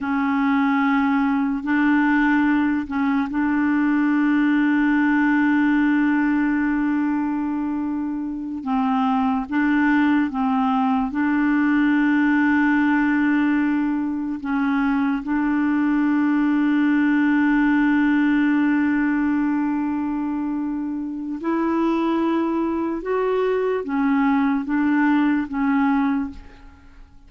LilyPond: \new Staff \with { instrumentName = "clarinet" } { \time 4/4 \tempo 4 = 73 cis'2 d'4. cis'8 | d'1~ | d'2~ d'8 c'4 d'8~ | d'8 c'4 d'2~ d'8~ |
d'4. cis'4 d'4.~ | d'1~ | d'2 e'2 | fis'4 cis'4 d'4 cis'4 | }